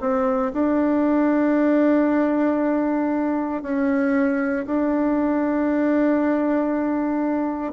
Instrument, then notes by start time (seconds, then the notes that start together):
bassoon
0.00 C4
0.53 D4
3.62 C#4
4.66 D4